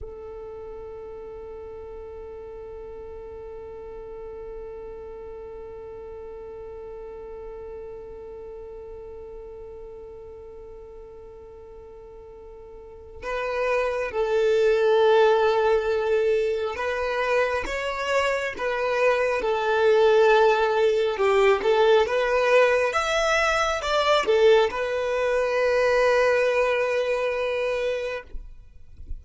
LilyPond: \new Staff \with { instrumentName = "violin" } { \time 4/4 \tempo 4 = 68 a'1~ | a'1~ | a'1~ | a'2. b'4 |
a'2. b'4 | cis''4 b'4 a'2 | g'8 a'8 b'4 e''4 d''8 a'8 | b'1 | }